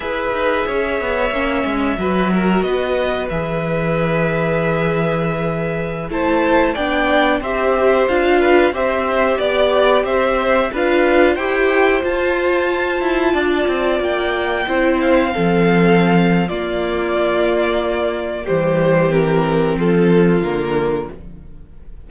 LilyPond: <<
  \new Staff \with { instrumentName = "violin" } { \time 4/4 \tempo 4 = 91 e''1 | dis''4 e''2.~ | e''4~ e''16 a''4 g''4 e''8.~ | e''16 f''4 e''4 d''4 e''8.~ |
e''16 f''4 g''4 a''4.~ a''16~ | a''4~ a''16 g''4. f''4~ f''16~ | f''4 d''2. | c''4 ais'4 a'4 ais'4 | }
  \new Staff \with { instrumentName = "violin" } { \time 4/4 b'4 cis''2 b'8 ais'8 | b'1~ | b'4~ b'16 c''4 d''4 c''8.~ | c''8. b'8 c''4 d''4 c''8.~ |
c''16 b'4 c''2~ c''8.~ | c''16 d''2 c''4 a'8.~ | a'4 f'2. | g'2 f'2 | }
  \new Staff \with { instrumentName = "viola" } { \time 4/4 gis'2 cis'4 fis'4~ | fis'4 gis'2.~ | gis'4~ gis'16 e'4 d'4 g'8.~ | g'16 f'4 g'2~ g'8.~ |
g'16 f'4 g'4 f'4.~ f'16~ | f'2~ f'16 e'4 c'8.~ | c'4 ais2. | g4 c'2 ais4 | }
  \new Staff \with { instrumentName = "cello" } { \time 4/4 e'8 dis'8 cis'8 b8 ais8 gis8 fis4 | b4 e2.~ | e4~ e16 a4 b4 c'8.~ | c'16 d'4 c'4 b4 c'8.~ |
c'16 d'4 e'4 f'4. e'16~ | e'16 d'8 c'8 ais4 c'4 f8.~ | f4 ais2. | e2 f4 d4 | }
>>